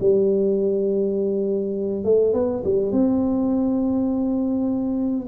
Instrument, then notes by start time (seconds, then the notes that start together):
tuba
0.00 G3
2.04 A3
2.33 B3
2.64 G3
2.91 C4